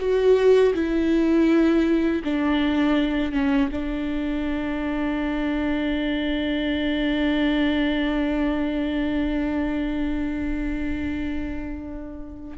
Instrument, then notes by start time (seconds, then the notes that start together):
viola
0.00 F#4
0.74 E4
2.25 D4
3.33 C#4
3.72 D4